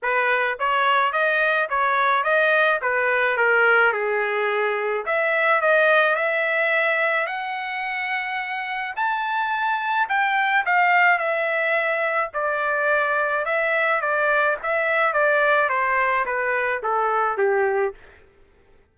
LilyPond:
\new Staff \with { instrumentName = "trumpet" } { \time 4/4 \tempo 4 = 107 b'4 cis''4 dis''4 cis''4 | dis''4 b'4 ais'4 gis'4~ | gis'4 e''4 dis''4 e''4~ | e''4 fis''2. |
a''2 g''4 f''4 | e''2 d''2 | e''4 d''4 e''4 d''4 | c''4 b'4 a'4 g'4 | }